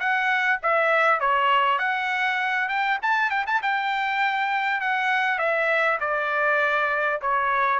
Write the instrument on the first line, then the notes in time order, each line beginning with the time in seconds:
trumpet
0.00 F#5
0.63 E5
1.21 C#5
1.79 F#5
2.69 G5
3.02 A5
3.30 G5
3.47 A5
3.62 G5
4.81 F#5
5.39 E5
6.01 D5
7.22 C#5